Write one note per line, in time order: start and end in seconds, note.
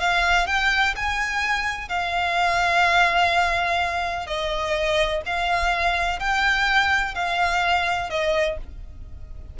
0.00 0.47 F5
0.47 0.95 G5
0.96 1.89 G#5
1.89 4.27 F5
4.27 5.22 D#5
5.26 6.19 F5
6.19 7.15 G5
7.15 8.10 F5
8.10 8.58 D#5